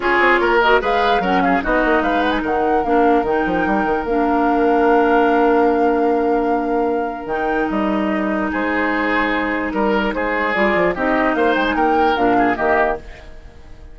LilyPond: <<
  \new Staff \with { instrumentName = "flute" } { \time 4/4 \tempo 4 = 148 cis''4. dis''8 f''4 fis''8 f''8 | dis''4 f''8 fis''16 gis''16 fis''4 f''4 | g''2 f''2~ | f''1~ |
f''2 g''4 dis''4~ | dis''4 c''2. | ais'4 c''4 d''4 dis''4 | f''8 g''16 gis''16 g''4 f''4 dis''4 | }
  \new Staff \with { instrumentName = "oboe" } { \time 4/4 gis'4 ais'4 b'4 ais'8 gis'8 | fis'4 b'4 ais'2~ | ais'1~ | ais'1~ |
ais'1~ | ais'4 gis'2. | ais'4 gis'2 g'4 | c''4 ais'4. gis'8 g'4 | }
  \new Staff \with { instrumentName = "clarinet" } { \time 4/4 f'4. fis'8 gis'4 cis'4 | dis'2. d'4 | dis'2 d'2~ | d'1~ |
d'2 dis'2~ | dis'1~ | dis'2 f'4 dis'4~ | dis'2 d'4 ais4 | }
  \new Staff \with { instrumentName = "bassoon" } { \time 4/4 cis'8 c'8 ais4 gis4 fis4 | b8 ais8 gis4 dis4 ais4 | dis8 f8 g8 dis8 ais2~ | ais1~ |
ais2 dis4 g4~ | g4 gis2. | g4 gis4 g8 f8 c'4 | ais8 gis8 ais4 ais,4 dis4 | }
>>